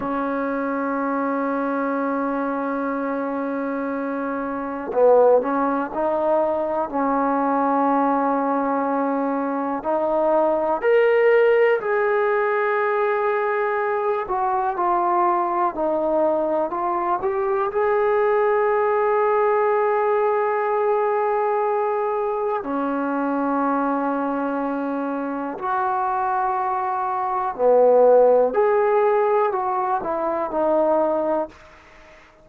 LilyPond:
\new Staff \with { instrumentName = "trombone" } { \time 4/4 \tempo 4 = 61 cis'1~ | cis'4 b8 cis'8 dis'4 cis'4~ | cis'2 dis'4 ais'4 | gis'2~ gis'8 fis'8 f'4 |
dis'4 f'8 g'8 gis'2~ | gis'2. cis'4~ | cis'2 fis'2 | b4 gis'4 fis'8 e'8 dis'4 | }